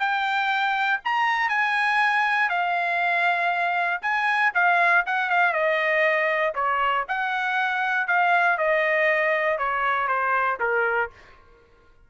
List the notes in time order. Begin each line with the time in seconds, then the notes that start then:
0.00 G5
1.05 A#5
1.50 G#5
2.50 F5
4.02 G#5
4.54 F5
5.06 F#5
5.30 F5
5.53 D#5
6.55 C#5
7.08 F#5
8.08 F5
8.58 D#5
9.59 C#5
10.08 C5
10.60 A#4